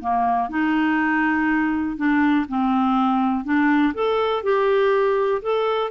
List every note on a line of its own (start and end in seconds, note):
0.00 0.49 A#3
0.49 1.96 D#4
1.96 2.46 D4
2.48 3.44 C4
3.44 3.93 D4
3.94 4.43 A4
4.43 5.41 G4
5.42 5.90 A4